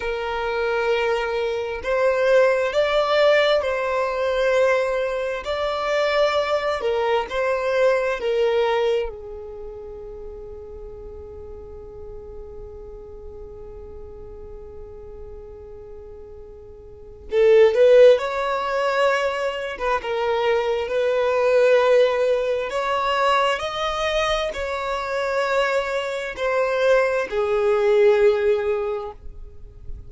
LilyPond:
\new Staff \with { instrumentName = "violin" } { \time 4/4 \tempo 4 = 66 ais'2 c''4 d''4 | c''2 d''4. ais'8 | c''4 ais'4 gis'2~ | gis'1~ |
gis'2. a'8 b'8 | cis''4.~ cis''16 b'16 ais'4 b'4~ | b'4 cis''4 dis''4 cis''4~ | cis''4 c''4 gis'2 | }